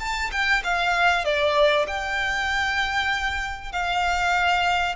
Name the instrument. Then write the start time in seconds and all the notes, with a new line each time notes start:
violin
0.00 A5
0.32 G5
0.64 F5
1.25 D5
1.88 G5
3.72 F5